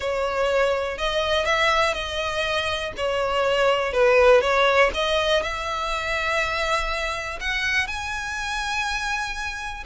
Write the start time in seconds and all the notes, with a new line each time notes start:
0.00 C#5
0.97 D#5
1.45 E5
1.94 D#5
2.96 C#5
3.92 B4
4.41 C#5
4.94 D#5
5.42 E5
7.40 F#5
7.87 G#5